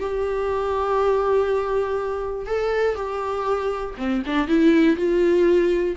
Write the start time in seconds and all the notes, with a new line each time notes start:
0.00 G4
2.46 A4
2.95 G4
3.97 C4
4.26 D4
4.48 E4
4.96 F4